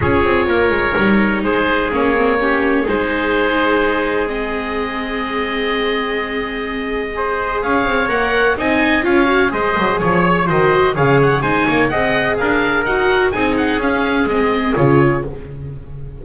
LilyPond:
<<
  \new Staff \with { instrumentName = "oboe" } { \time 4/4 \tempo 4 = 126 cis''2. c''4 | cis''2 c''2~ | c''4 dis''2.~ | dis''1 |
f''4 fis''4 gis''4 f''4 | dis''4 cis''4 dis''4 f''8 fis''8 | gis''4 fis''4 f''4 fis''4 | gis''8 fis''8 f''4 dis''4 cis''4 | }
  \new Staff \with { instrumentName = "trumpet" } { \time 4/4 gis'4 ais'2 gis'4~ | gis'4 g'4 gis'2~ | gis'1~ | gis'2. c''4 |
cis''2 dis''4 cis''4 | c''4 cis''4 c''4 cis''4 | c''8 cis''8 dis''4 ais'2 | gis'1 | }
  \new Staff \with { instrumentName = "viola" } { \time 4/4 f'2 dis'2 | cis'8 c'8 cis'4 dis'2~ | dis'4 c'2.~ | c'2. gis'4~ |
gis'4 ais'4 dis'4 f'8 fis'8 | gis'2 fis'4 gis'4 | dis'4 gis'2 fis'4 | dis'4 cis'4 c'4 f'4 | }
  \new Staff \with { instrumentName = "double bass" } { \time 4/4 cis'8 c'8 ais8 gis8 g4 gis4 | ais2 gis2~ | gis1~ | gis1 |
cis'8 c'8 ais4 c'4 cis'4 | gis8 fis8 f4 dis4 cis4 | gis8 ais8 c'4 d'4 dis'4 | c'4 cis'4 gis4 cis4 | }
>>